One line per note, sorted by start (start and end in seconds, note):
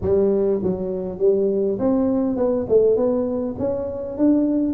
0.01 0.61 G3
0.62 1.19 F#3
1.19 1.78 G3
1.79 2.36 C4
2.36 2.66 B3
2.68 2.96 A3
2.96 3.55 B3
3.58 4.17 C#4
4.17 4.73 D4